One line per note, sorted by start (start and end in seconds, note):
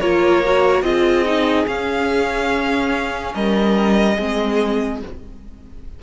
0.00 0.82 A#3
0.00 0.43 F4
0.00 0.84 A#4
0.00 0.82 C#5
0.44 0.83 F#4
0.82 1.65 C4
0.82 1.25 F4
0.82 3.34 G#4
0.82 1.65 D#5
1.25 1.66 D#4
1.66 4.16 C#4
1.66 3.34 C#4
1.66 3.34 F5
3.34 4.18 G3
3.34 4.16 A#4
3.34 5.01 D#5
4.16 5.02 G#3
4.16 5.01 C4
4.16 4.99 G#4